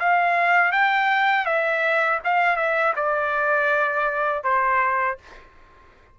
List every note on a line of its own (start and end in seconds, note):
0.00 0.72 F5
0.72 1.46 G5
1.46 2.20 E5
2.25 2.57 F5
2.57 2.94 E5
2.97 4.44 D5
4.44 5.18 C5